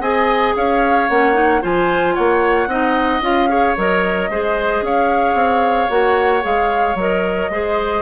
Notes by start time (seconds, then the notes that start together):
0.00 C4 G#4 D#5 G#5
0.56 C#4 C#5 F5
1.08 A#3 C#4 F#5
1.33 D#4
1.61 F3 F4 C5 G#5
2.14 A#3 C#5 F#5
2.67 C4 D#4 D#5
3.21 C#4 F4 F5
3.48 G#4 C#5
3.77 F#3 A#4 D#5
4.29 G#3 G#4 C5
4.81 C#4 C#5 F5
5.34 C4
5.89 A#3 F#4 F#5
6.41 G#3 G#4 F5
6.95 F#3 A#4 D#5
7.50 G#3 G#4 C5